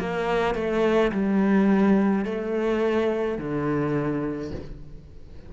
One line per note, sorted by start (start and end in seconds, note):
0.00 0.55 A#3
0.55 1.12 A3
1.12 2.25 G3
2.25 3.39 A3
3.39 4.52 D3